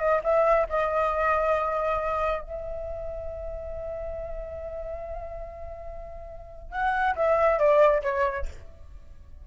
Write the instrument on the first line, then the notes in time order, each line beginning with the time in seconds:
flute
0.00 D#5
0.24 E5
0.70 D#5
2.42 E5
6.72 F#5
7.16 E5
7.60 D5
8.03 C#5